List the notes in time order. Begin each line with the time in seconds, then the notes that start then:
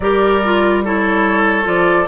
0.00 G3 G4 A#4 D5
0.43 F4
0.84 E4 A4 C#5
1.63 F3 F4 D5